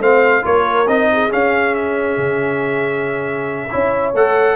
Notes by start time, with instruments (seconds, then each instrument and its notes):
0.00 tuba A3, trombone C4, horn C5, trumpet F5
0.42 tuba A#3, trombone F4, horn A#4, trumpet C#5
0.87 tuba C4, trombone D#4, trumpet D#5
1.12 horn G#4
1.30 trombone C#4, tuba C#4, trumpet F5
1.75 trumpet E5
2.17 tuba C#3
3.70 tuba C#4, trombone E4, horn C#5
4.14 tuba A3, trombone A4, trumpet F#5